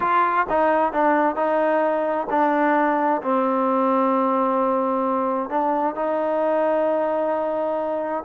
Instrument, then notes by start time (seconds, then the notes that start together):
trombone
0.00 F4
0.49 D#4
0.92 D4
1.35 D#4
2.30 D4
3.22 C4
5.49 D4
5.95 D#4